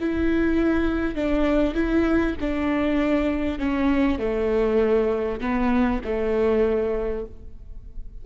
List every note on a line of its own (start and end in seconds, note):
0.00 1.15 E4
1.15 1.74 D4
1.74 2.35 E4
2.40 3.58 D4
3.58 4.19 C#4
4.19 5.40 A3
5.40 6.01 B3
6.04 7.25 A3